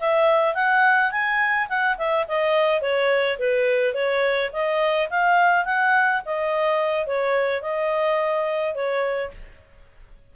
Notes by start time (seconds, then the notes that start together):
0.00 E5
0.55 F#5
1.11 G#5
1.69 F#5
1.98 E5
2.28 D#5
2.81 C#5
3.38 B4
3.94 C#5
4.52 D#5
5.10 F5
5.65 F#5
6.25 D#5
7.07 C#5
7.62 D#5
8.75 C#5